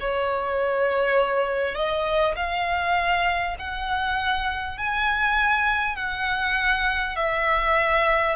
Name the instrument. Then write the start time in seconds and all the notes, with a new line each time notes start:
violin
0.00 C#5
1.75 D#5
2.36 F5
3.59 F#5
4.78 G#5
5.97 F#5
7.16 E5